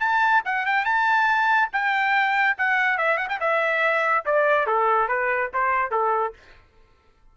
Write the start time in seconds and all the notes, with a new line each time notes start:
0.00 A5
0.45 F#5
0.66 G5
0.85 A5
1.73 G5
2.58 F#5
2.98 E5
3.18 F#5
3.29 G5
3.40 E5
4.26 D5
4.67 A4
5.09 B4
5.54 C5
5.91 A4